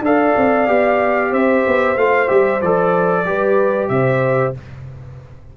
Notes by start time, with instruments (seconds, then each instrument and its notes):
0.00 tuba D4, trombone A4, horn D5, trumpet F5
0.37 tuba C4
0.67 tuba B3, trombone G4
1.30 tuba C4, horn C5, trumpet E5
1.67 tuba B3
1.96 tuba A3, trombone F4, trumpet F5
2.28 tuba G3, trombone G4, trumpet E5
2.61 tuba F3, trombone A4, trumpet D5
3.25 tuba G3, trombone G4, horn B4
3.88 tuba C3, horn C5, trumpet E5